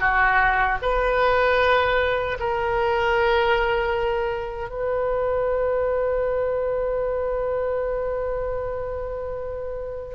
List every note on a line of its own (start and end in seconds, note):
0.00 0.78 F#4
0.82 2.38 B4
2.39 4.69 A#4
4.69 10.15 B4